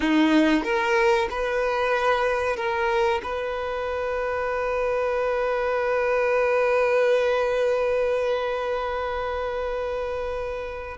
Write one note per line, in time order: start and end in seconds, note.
0.00 0.63 D#4
0.63 1.28 A#4
1.30 2.56 B4
2.56 3.21 A#4
3.23 10.97 B4